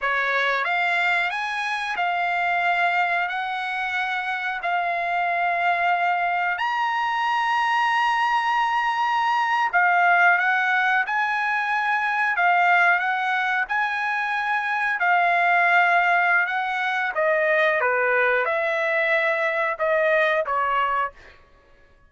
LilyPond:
\new Staff \with { instrumentName = "trumpet" } { \time 4/4 \tempo 4 = 91 cis''4 f''4 gis''4 f''4~ | f''4 fis''2 f''4~ | f''2 ais''2~ | ais''2~ ais''8. f''4 fis''16~ |
fis''8. gis''2 f''4 fis''16~ | fis''8. gis''2 f''4~ f''16~ | f''4 fis''4 dis''4 b'4 | e''2 dis''4 cis''4 | }